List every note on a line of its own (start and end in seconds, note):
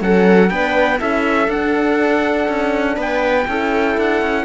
0.00 0.51 F#3
0.00 0.50 C#4
0.00 0.50 A4
0.00 0.50 F#5
0.50 1.00 B3
0.50 0.98 D4
0.50 1.00 B4
0.50 0.99 G5
0.98 1.48 C#4
0.98 1.48 E4
0.98 2.96 A4
0.98 1.50 E5
1.48 2.48 D4
1.48 3.48 D4
1.48 2.99 F#5
2.49 2.97 C#4
2.96 3.47 B3
2.96 3.46 B4
2.96 4.00 G5
3.48 3.98 C#4
3.48 4.45 E4
3.48 4.45 A4
3.98 4.22 D4
3.98 4.45 F#5
4.22 4.45 C#4